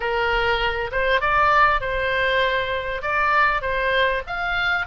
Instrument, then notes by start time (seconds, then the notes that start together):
oboe
0.00 A#4
0.91 C5
1.20 D5
1.80 C5
3.02 D5
3.61 C5
4.26 F5